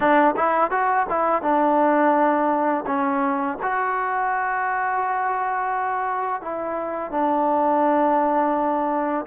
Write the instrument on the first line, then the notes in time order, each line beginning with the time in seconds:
trombone
0.00 D4
0.36 E4
0.70 F#4
1.09 E4
1.42 D4
2.86 C#4
3.62 F#4
6.41 E4
7.11 D4